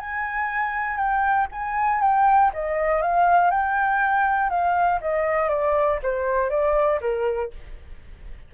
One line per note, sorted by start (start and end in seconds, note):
0.00 0.97 G#5
0.97 1.47 G5
1.52 2.02 G#5
2.02 2.52 G5
2.54 3.02 D#5
3.02 3.51 F5
3.51 4.50 G5
4.50 5.00 F5
5.02 5.49 D#5
5.49 5.99 D5
6.03 6.50 C5
6.50 7.00 D5
7.02 7.52 A#4